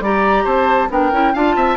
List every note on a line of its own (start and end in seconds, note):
0.00 0.44 G3
0.00 0.89 G4
0.00 0.44 D5
0.00 0.46 A#5
0.44 0.89 C4
0.44 0.88 C5
0.44 0.90 A5
0.89 1.12 B3
0.89 1.11 D4
0.89 1.33 A#4
0.89 1.35 G5
1.12 1.34 C#4
1.12 1.34 E4
1.33 1.55 D4
1.33 1.77 F4
1.33 1.55 F5
1.33 1.77 A5
1.55 1.77 C4
1.55 1.77 E5